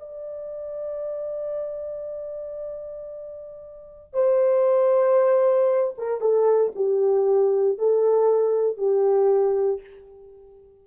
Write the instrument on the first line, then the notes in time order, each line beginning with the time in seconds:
horn
0.00 D5
4.14 C5
5.98 A#4
6.21 A4
6.76 G4
7.79 A4
8.78 G4